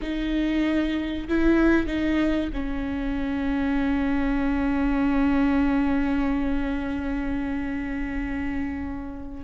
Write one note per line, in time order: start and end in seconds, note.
0.01 1.27 D#4
1.28 1.87 E4
1.87 2.50 D#4
2.53 9.44 C#4